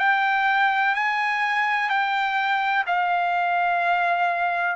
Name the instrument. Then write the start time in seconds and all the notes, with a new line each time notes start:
trumpet
0.00 G5
0.95 G#5
1.90 G5
2.87 F5